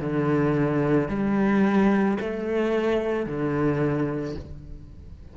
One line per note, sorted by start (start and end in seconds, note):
0.00 1.08 D3
1.08 2.17 G3
2.20 3.26 A3
3.26 4.35 D3